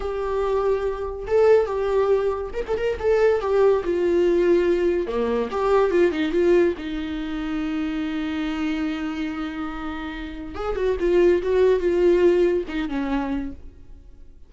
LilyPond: \new Staff \with { instrumentName = "viola" } { \time 4/4 \tempo 4 = 142 g'2. a'4 | g'2 ais'16 a'16 ais'8 a'4 | g'4 f'2. | ais4 g'4 f'8 dis'8 f'4 |
dis'1~ | dis'1~ | dis'4 gis'8 fis'8 f'4 fis'4 | f'2 dis'8 cis'4. | }